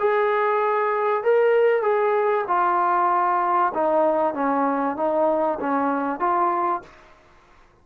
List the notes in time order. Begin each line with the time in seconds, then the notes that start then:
0.00 G#4
1.24 A#4
1.82 G#4
2.48 F4
3.74 D#4
4.34 C#4
4.97 D#4
5.60 C#4
6.20 F4